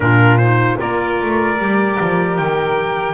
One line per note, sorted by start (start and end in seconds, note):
0.00 0.76 A#2
0.00 0.39 D4
0.00 0.79 F4
0.00 0.37 A#4
0.37 0.77 D#4
0.37 0.76 C5
0.77 1.21 A#3
0.77 1.56 F4
0.77 3.13 A#4
0.77 2.37 D5
1.22 1.58 A3
1.58 1.98 G3
1.58 3.13 G4
2.00 2.38 F3
2.37 3.13 D#3
2.37 3.13 G5